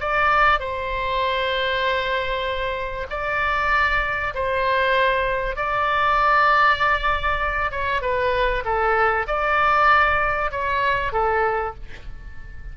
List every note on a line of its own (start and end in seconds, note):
0.00 0.59 D5
0.59 3.07 C5
3.10 4.34 D5
4.35 5.56 C5
5.56 7.71 D5
7.71 8.02 C#5
8.02 8.63 B4
8.65 9.27 A4
9.27 10.51 D5
10.51 11.13 C#5
11.13 11.74 A4